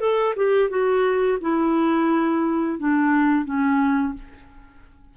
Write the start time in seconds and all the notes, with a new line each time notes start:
0.00 A4
0.36 G4
0.70 F#4
1.41 E4
2.79 D4
3.45 C#4